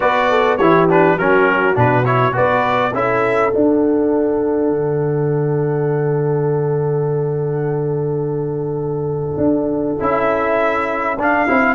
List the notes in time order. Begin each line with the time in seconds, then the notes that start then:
0.00 B3 F#4 B4 D5
0.29 A4
0.57 E3 E4 G4 C#5
0.89 D4 B4
1.16 F#3 C#4 F#4 A#4
1.74 B2 D4 B4
2.04 E4 C#5
2.32 B3 F#4 B4 D5
2.93 C#4 E4 A4 E5
3.51 D4 F#5
4.70 D3
9.37 D4
10.00 C#4 E4 E5
11.17 D4 F5
11.48 C4 E4